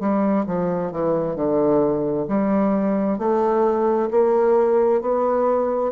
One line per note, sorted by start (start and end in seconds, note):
0.00 0.45 G3
0.46 0.91 F3
0.91 1.36 E3
1.36 2.26 D3
2.28 3.18 G3
3.18 4.09 A3
4.10 5.01 A#3
5.01 5.92 B3